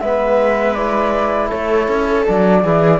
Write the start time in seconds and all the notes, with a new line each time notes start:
0.00 G#3 B3 B4 E5
0.73 E4 D5
1.48 A3 A4 C#5
1.88 C#4
2.25 F#3 D4 D5
2.62 E3 E4 G#4